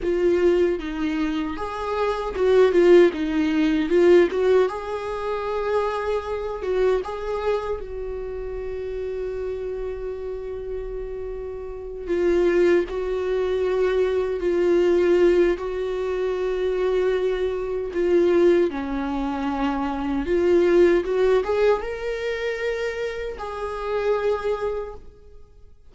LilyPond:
\new Staff \with { instrumentName = "viola" } { \time 4/4 \tempo 4 = 77 f'4 dis'4 gis'4 fis'8 f'8 | dis'4 f'8 fis'8 gis'2~ | gis'8 fis'8 gis'4 fis'2~ | fis'2.~ fis'8 f'8~ |
f'8 fis'2 f'4. | fis'2. f'4 | cis'2 f'4 fis'8 gis'8 | ais'2 gis'2 | }